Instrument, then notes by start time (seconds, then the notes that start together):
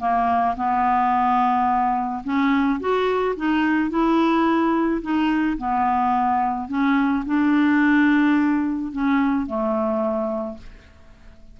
clarinet
0.00 A#3
0.57 B3
2.24 C#4
2.80 F#4
3.37 D#4
3.90 E4
5.02 D#4
5.58 B3
6.69 C#4
7.26 D4
8.92 C#4
9.47 A3